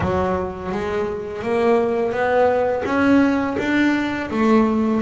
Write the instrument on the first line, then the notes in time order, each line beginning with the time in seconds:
double bass
0.00 F#3
0.71 G#3
1.42 A#3
2.11 B3
2.85 C#4
3.58 D4
4.30 A3